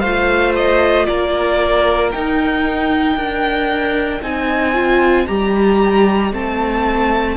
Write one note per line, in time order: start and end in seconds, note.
0.00 1.08 A3
0.00 2.14 F4
0.00 1.07 C5
0.00 0.53 F5
0.56 1.06 D#5
1.06 2.14 A#3
1.06 3.17 A#4
1.06 2.11 D5
2.12 3.17 D#4
2.12 3.16 D#4
2.12 4.22 G5
3.16 4.21 D4
3.16 4.22 A#4
3.16 7.37 D#5
4.22 5.27 C4
4.22 4.74 D#4
4.22 5.27 G#5
4.74 5.27 F4
5.27 6.33 G3
5.27 6.32 G4
5.27 6.32 A#5
6.32 7.37 A3
6.32 7.37 C4
6.32 7.37 A5